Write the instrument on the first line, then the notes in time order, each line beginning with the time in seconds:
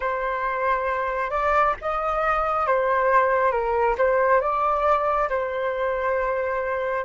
flute
0.00 C5
1.30 D5
1.81 D#5
2.66 C5
3.51 A#4
3.97 C5
4.40 D5
5.29 C5